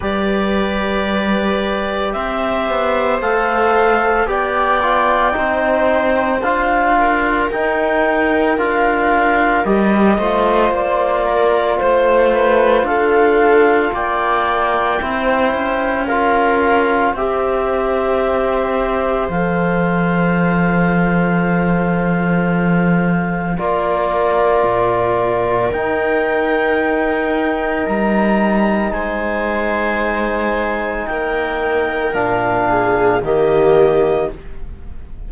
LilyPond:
<<
  \new Staff \with { instrumentName = "clarinet" } { \time 4/4 \tempo 4 = 56 d''2 e''4 f''4 | g''2 f''4 g''4 | f''4 dis''4 d''4 c''4 | f''4 g''2 f''4 |
e''2 f''2~ | f''2 d''2 | g''2 ais''4 gis''4~ | gis''4 g''4 f''4 dis''4 | }
  \new Staff \with { instrumentName = "viola" } { \time 4/4 b'2 c''2 | d''4 c''4. ais'4.~ | ais'4. c''4 ais'8 c''8 b'8 | a'4 d''4 c''4 ais'4 |
c''1~ | c''2 ais'2~ | ais'2. c''4~ | c''4 ais'4. gis'8 g'4 | }
  \new Staff \with { instrumentName = "trombone" } { \time 4/4 g'2. a'4 | g'8 f'8 dis'4 f'4 dis'4 | f'4 g'8 f'2~ f'8~ | f'2 e'4 f'4 |
g'2 a'2~ | a'2 f'2 | dis'1~ | dis'2 d'4 ais4 | }
  \new Staff \with { instrumentName = "cello" } { \time 4/4 g2 c'8 b8 a4 | b4 c'4 d'4 dis'4 | d'4 g8 a8 ais4 a4 | d'4 ais4 c'8 cis'4. |
c'2 f2~ | f2 ais4 ais,4 | dis'2 g4 gis4~ | gis4 ais4 ais,4 dis4 | }
>>